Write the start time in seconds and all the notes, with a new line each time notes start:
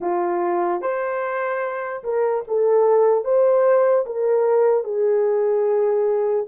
0.00 F4
0.81 C5
2.03 A#4
2.47 A4
3.24 C5
4.05 A#4
4.84 G#4